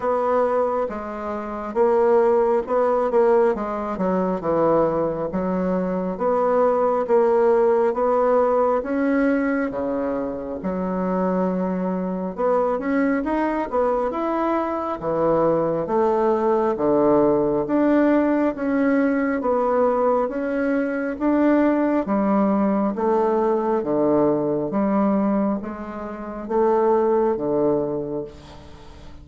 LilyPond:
\new Staff \with { instrumentName = "bassoon" } { \time 4/4 \tempo 4 = 68 b4 gis4 ais4 b8 ais8 | gis8 fis8 e4 fis4 b4 | ais4 b4 cis'4 cis4 | fis2 b8 cis'8 dis'8 b8 |
e'4 e4 a4 d4 | d'4 cis'4 b4 cis'4 | d'4 g4 a4 d4 | g4 gis4 a4 d4 | }